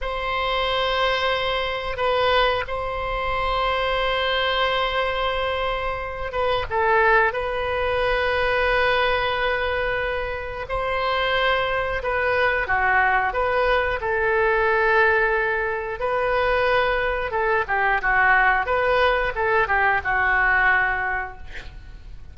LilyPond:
\new Staff \with { instrumentName = "oboe" } { \time 4/4 \tempo 4 = 90 c''2. b'4 | c''1~ | c''4. b'8 a'4 b'4~ | b'1 |
c''2 b'4 fis'4 | b'4 a'2. | b'2 a'8 g'8 fis'4 | b'4 a'8 g'8 fis'2 | }